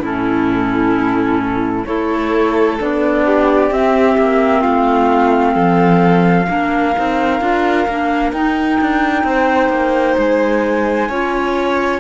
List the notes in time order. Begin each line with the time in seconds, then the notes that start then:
0.00 A2 C#4 E4 A4
1.86 A3 E4 A4 C#5
2.79 B3 D4 D5
3.25 G4
3.71 C4 E5
4.18 A#3
4.61 A3 F4 F5
5.54 F3 A4
6.48 A#3 D4 A#4
6.95 C4 D#4
7.40 D4 F4
7.88 A#3 D4
8.33 D#4 G5
8.81 D4
9.24 C4 C5
9.69 A#3
10.18 G#3 G#5
11.08 C#4 F4 C#5